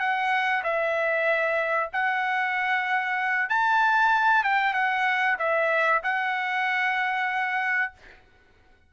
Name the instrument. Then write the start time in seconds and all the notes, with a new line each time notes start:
trumpet
0.00 F#5
0.64 E5
1.93 F#5
3.49 A5
4.44 G5
4.74 F#5
5.39 E5
6.03 F#5